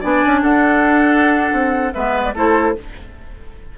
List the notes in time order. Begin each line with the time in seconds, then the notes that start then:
0.00 B3 D4 D5 G#5
0.26 C#4
0.42 D4 A4 F#5
1.52 C4
1.93 G#3 B3 B4 E5
2.23 D5
2.34 A3 E4 A4 C5